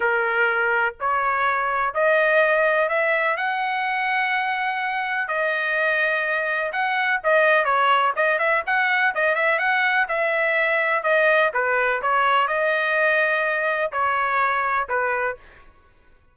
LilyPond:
\new Staff \with { instrumentName = "trumpet" } { \time 4/4 \tempo 4 = 125 ais'2 cis''2 | dis''2 e''4 fis''4~ | fis''2. dis''4~ | dis''2 fis''4 dis''4 |
cis''4 dis''8 e''8 fis''4 dis''8 e''8 | fis''4 e''2 dis''4 | b'4 cis''4 dis''2~ | dis''4 cis''2 b'4 | }